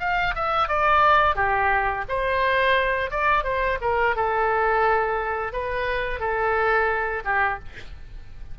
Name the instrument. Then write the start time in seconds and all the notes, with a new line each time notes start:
oboe
0.00 F5
0.35 E5
0.68 D5
1.35 G4
2.08 C5
3.11 D5
3.44 C5
3.81 A#4
4.16 A4
5.53 B4
6.20 A4
7.25 G4